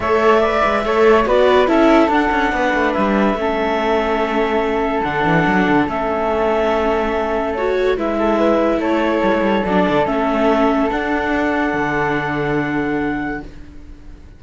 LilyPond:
<<
  \new Staff \with { instrumentName = "clarinet" } { \time 4/4 \tempo 4 = 143 e''2. d''4 | e''4 fis''2 e''4~ | e''1 | fis''2 e''2~ |
e''2 cis''4 e''4~ | e''4 cis''2 d''4 | e''2 fis''2~ | fis''1 | }
  \new Staff \with { instrumentName = "flute" } { \time 4/4 cis''4 d''4 cis''4 b'4 | a'2 b'2 | a'1~ | a'1~ |
a'2. b'8 a'8 | b'4 a'2.~ | a'1~ | a'1 | }
  \new Staff \with { instrumentName = "viola" } { \time 4/4 a'4 b'4 a'4 fis'4 | e'4 d'2. | cis'1 | d'2 cis'2~ |
cis'2 fis'4 e'4~ | e'2. d'4 | cis'2 d'2~ | d'1 | }
  \new Staff \with { instrumentName = "cello" } { \time 4/4 a4. gis8 a4 b4 | cis'4 d'8 cis'8 b8 a8 g4 | a1 | d8 e8 fis8 d8 a2~ |
a2. gis4~ | gis4 a4 g16 a16 g8 fis8 d8 | a2 d'2 | d1 | }
>>